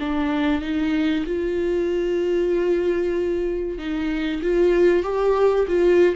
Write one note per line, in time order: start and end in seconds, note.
0.00 0.62 D4
0.62 1.25 D#4
1.26 3.79 F4
3.79 4.42 D#4
4.43 5.03 F4
5.03 5.66 G4
5.68 6.16 F4